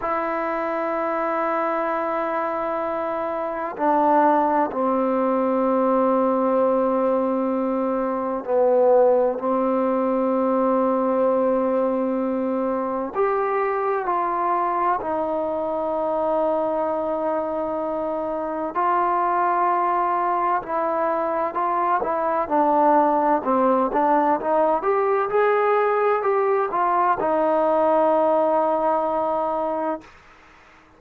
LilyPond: \new Staff \with { instrumentName = "trombone" } { \time 4/4 \tempo 4 = 64 e'1 | d'4 c'2.~ | c'4 b4 c'2~ | c'2 g'4 f'4 |
dis'1 | f'2 e'4 f'8 e'8 | d'4 c'8 d'8 dis'8 g'8 gis'4 | g'8 f'8 dis'2. | }